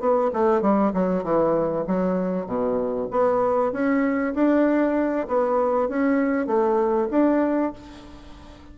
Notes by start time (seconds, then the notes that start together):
0.00 B3
0.33 A3
0.62 G3
0.93 F#3
1.23 E3
1.87 F#3
2.46 B2
3.11 B3
3.72 C#4
4.34 D4
5.28 B3
5.89 C#4
6.47 A3
7.11 D4